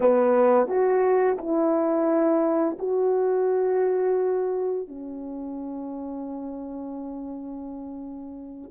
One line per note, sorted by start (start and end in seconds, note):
0.00 0.67 B3
0.67 1.37 F#4
1.38 2.77 E4
2.78 4.88 F#4
4.88 8.70 C#4